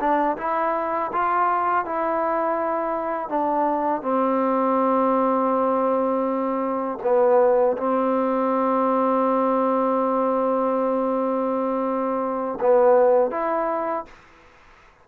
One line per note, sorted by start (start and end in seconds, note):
0.00 0.37 D4
0.37 1.11 E4
1.13 1.85 F4
1.85 3.29 E4
3.29 4.02 D4
4.02 6.99 C4
7.03 7.77 B3
7.77 12.59 C4
12.61 13.31 B3
13.31 14.05 E4